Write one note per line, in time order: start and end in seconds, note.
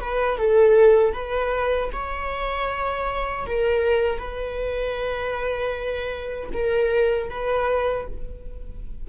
0.00 0.38 B4
0.38 1.13 A4
1.13 1.90 B4
1.93 3.46 C#5
3.46 4.19 A#4
4.19 6.49 B4
6.53 7.30 A#4
7.30 8.07 B4